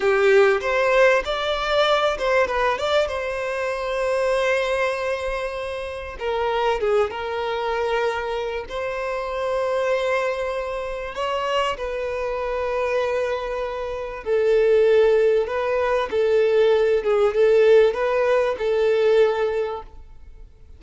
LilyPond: \new Staff \with { instrumentName = "violin" } { \time 4/4 \tempo 4 = 97 g'4 c''4 d''4. c''8 | b'8 d''8 c''2.~ | c''2 ais'4 gis'8 ais'8~ | ais'2 c''2~ |
c''2 cis''4 b'4~ | b'2. a'4~ | a'4 b'4 a'4. gis'8 | a'4 b'4 a'2 | }